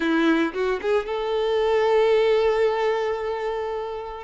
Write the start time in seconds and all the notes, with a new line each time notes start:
0.00 E4
0.53 F#4
0.81 G#4
1.06 A4